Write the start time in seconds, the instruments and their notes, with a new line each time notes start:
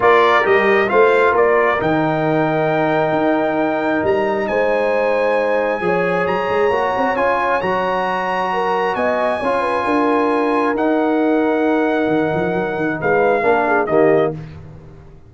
0.00 tuba A#3, trombone F4, horn A#4, trumpet D5
0.42 tuba G3, trombone G4, trumpet D#5
0.87 tuba A3, trombone F4, horn C5, trumpet F5
1.31 tuba A#3, horn A#4, trumpet D5
1.79 tuba D#3, trombone D#4, trumpet G5
3.12 tuba D#4
4.03 tuba G3, trumpet A#5
4.47 tuba G#3, horn C5, trumpet G#5
5.81 tuba F3, trombone G#4, horn C#5
6.26 tuba F#3, trumpet A#5
6.49 tuba G#3
6.69 tuba A#3, trombone F#4
6.96 tuba C4
7.15 tuba C#4, trombone F4, trumpet G#5
7.61 tuba F#3, trombone F#4, trumpet A#5
8.53 horn A#4
8.95 tuba B3, horn D#5, trumpet G#5
9.40 tuba C#4, trombone F4, horn C#5
9.61 horn B4
9.85 tuba D4, horn A#4
10.74 tuba D#4, trombone D#4, trumpet F#5
12.07 tuba D#3
12.34 tuba F3
12.54 tuba F#3
12.76 tuba D#3
12.99 tuba G#3, horn B4, trumpet F5
13.42 tuba A#3, trombone D4, horn A#4
13.67 horn G#4
13.86 tuba D#3, trombone A#3, horn G4, trumpet D#5